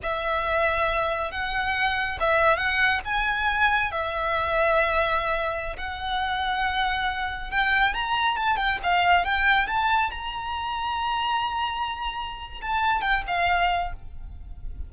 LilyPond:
\new Staff \with { instrumentName = "violin" } { \time 4/4 \tempo 4 = 138 e''2. fis''4~ | fis''4 e''4 fis''4 gis''4~ | gis''4 e''2.~ | e''4~ e''16 fis''2~ fis''8.~ |
fis''4~ fis''16 g''4 ais''4 a''8 g''16~ | g''16 f''4 g''4 a''4 ais''8.~ | ais''1~ | ais''4 a''4 g''8 f''4. | }